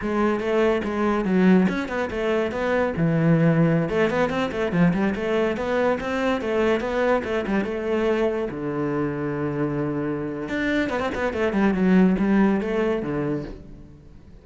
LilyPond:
\new Staff \with { instrumentName = "cello" } { \time 4/4 \tempo 4 = 143 gis4 a4 gis4 fis4 | cis'8 b8 a4 b4 e4~ | e4~ e16 a8 b8 c'8 a8 f8 g16~ | g16 a4 b4 c'4 a8.~ |
a16 b4 a8 g8 a4.~ a16~ | a16 d2.~ d8.~ | d4 d'4 b16 c'16 b8 a8 g8 | fis4 g4 a4 d4 | }